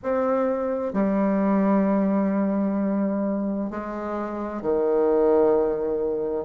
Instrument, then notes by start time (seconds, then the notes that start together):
bassoon
0.03 C4
0.93 G3
3.70 G#3
4.62 D#3